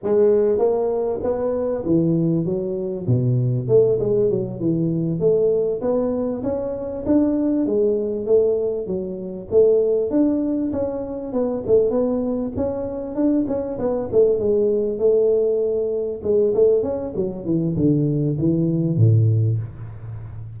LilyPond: \new Staff \with { instrumentName = "tuba" } { \time 4/4 \tempo 4 = 98 gis4 ais4 b4 e4 | fis4 b,4 a8 gis8 fis8 e8~ | e8 a4 b4 cis'4 d'8~ | d'8 gis4 a4 fis4 a8~ |
a8 d'4 cis'4 b8 a8 b8~ | b8 cis'4 d'8 cis'8 b8 a8 gis8~ | gis8 a2 gis8 a8 cis'8 | fis8 e8 d4 e4 a,4 | }